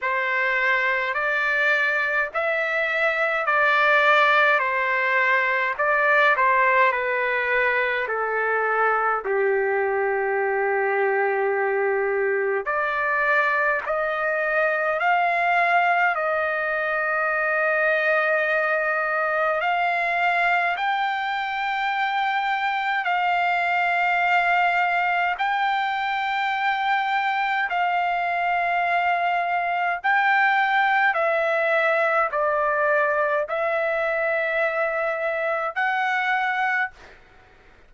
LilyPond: \new Staff \with { instrumentName = "trumpet" } { \time 4/4 \tempo 4 = 52 c''4 d''4 e''4 d''4 | c''4 d''8 c''8 b'4 a'4 | g'2. d''4 | dis''4 f''4 dis''2~ |
dis''4 f''4 g''2 | f''2 g''2 | f''2 g''4 e''4 | d''4 e''2 fis''4 | }